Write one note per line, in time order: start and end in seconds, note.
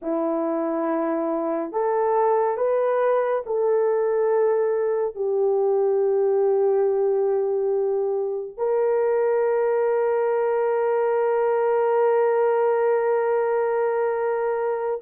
0.02 1.71 E4
1.71 2.57 A4
2.57 3.42 B4
3.46 5.15 A4
5.15 8.57 G4
8.57 15.00 A#4